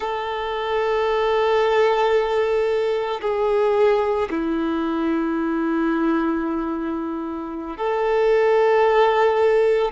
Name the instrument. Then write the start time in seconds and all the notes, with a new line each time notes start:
violin
0.00 A4
3.21 G#4
4.30 E4
7.77 A4